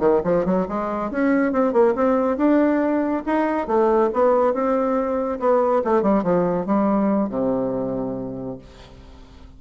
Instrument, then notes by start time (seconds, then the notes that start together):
bassoon
0.00 D#3
0.24 F3
0.46 F#3
0.69 G#3
1.11 C#4
1.53 C4
1.73 A#3
1.95 C4
2.38 D4
3.26 D#4
3.68 A3
4.14 B3
4.54 C4
5.40 B3
5.85 A3
6.03 G3
6.24 F3
6.67 G3
7.30 C3